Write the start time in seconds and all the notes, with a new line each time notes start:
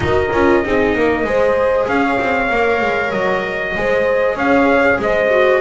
0.00 D#4 F#4 A#4 D#5
0.32 C#4 F4
0.64 C4 D#4 G#4
0.95 A#3 A#4
1.23 G#3 G#4 C5
1.87 C#4 C#5 F5
2.19 C4
2.49 A#3 A#4
2.81 G#3
3.11 F#3 D#5
3.76 G#3 G#4 C5
4.35 C#4 C#5 F5
4.98 G#3 C5 D#5
5.30 F#4